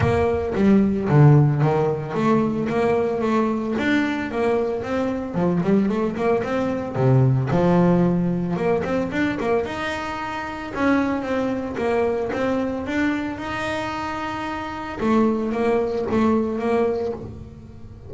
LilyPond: \new Staff \with { instrumentName = "double bass" } { \time 4/4 \tempo 4 = 112 ais4 g4 d4 dis4 | a4 ais4 a4 d'4 | ais4 c'4 f8 g8 a8 ais8 | c'4 c4 f2 |
ais8 c'8 d'8 ais8 dis'2 | cis'4 c'4 ais4 c'4 | d'4 dis'2. | a4 ais4 a4 ais4 | }